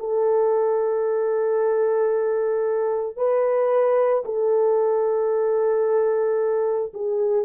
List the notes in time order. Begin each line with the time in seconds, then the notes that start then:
0.00 A4
3.17 B4
4.26 A4
6.94 G#4